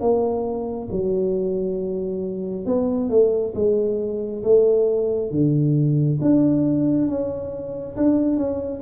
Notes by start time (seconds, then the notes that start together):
0.00 A#3
0.91 F#3
2.65 B3
3.09 A3
3.54 G#3
4.43 A3
5.30 D3
6.21 D4
7.07 C#4
7.96 D4
8.36 C#4